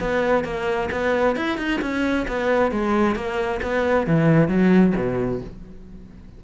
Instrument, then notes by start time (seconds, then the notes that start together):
cello
0.00 B3
0.44 A#3
0.91 B3
1.36 E4
1.58 D#4
1.81 C#4
2.28 B3
2.71 G#3
3.15 A#3
3.63 B3
4.07 E3
4.48 F#3
4.96 B2